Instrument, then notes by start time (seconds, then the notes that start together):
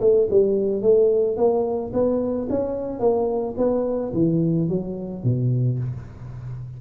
tuba
0.00 A3
0.30 G3
0.82 A3
1.36 A#3
1.93 B3
2.49 C#4
2.99 A#3
3.57 B3
4.13 E3
4.68 F#3
5.23 B2